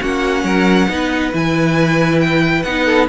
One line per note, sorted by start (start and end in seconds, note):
0.00 0.43 A#3
0.00 0.89 C#4
0.00 0.44 F#4
0.00 1.34 F#5
0.43 0.87 F#3
0.43 0.88 A#4
0.89 1.32 B3
0.89 1.32 D#4
0.89 2.85 B4
1.32 2.64 E3
1.32 2.64 E4
1.32 2.20 G#5
2.20 2.62 G5
2.62 3.08 B3
2.62 3.08 D#4
2.62 3.06 F#5
2.85 3.07 A4